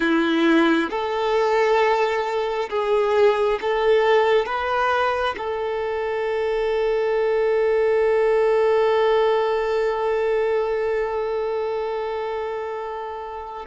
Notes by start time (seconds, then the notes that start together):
0.00 E4
0.90 A4
2.69 G#4
3.61 A4
4.45 B4
5.37 A4